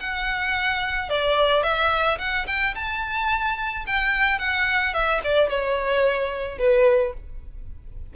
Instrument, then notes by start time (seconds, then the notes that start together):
violin
0.00 F#5
1.09 D5
1.63 E5
2.19 F#5
2.47 G5
2.75 A5
3.87 G5
4.39 F#5
4.94 E5
5.24 D5
5.49 C#5
6.58 B4